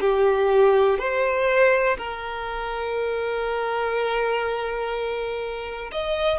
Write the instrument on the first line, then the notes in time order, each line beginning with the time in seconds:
violin
0.00 G4
0.99 C5
1.98 A#4
5.92 D#5